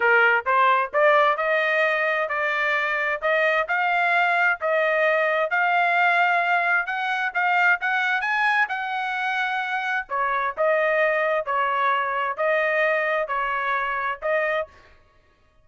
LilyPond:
\new Staff \with { instrumentName = "trumpet" } { \time 4/4 \tempo 4 = 131 ais'4 c''4 d''4 dis''4~ | dis''4 d''2 dis''4 | f''2 dis''2 | f''2. fis''4 |
f''4 fis''4 gis''4 fis''4~ | fis''2 cis''4 dis''4~ | dis''4 cis''2 dis''4~ | dis''4 cis''2 dis''4 | }